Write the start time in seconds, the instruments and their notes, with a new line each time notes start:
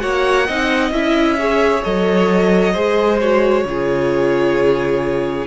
0.00 cello A#3, viola F#4, violin C#5 F#5
0.47 cello C4, viola D#4, violin D#5
0.91 cello C#4, viola E4, violin E5
1.38 viola G#4, violin C#5
1.83 cello F#3, viola A4, violin D#5
2.73 cello G#3, viola G#4, violin C5
3.20 viola F#4, violin C#5
3.65 cello C#3, viola F4, violin G#4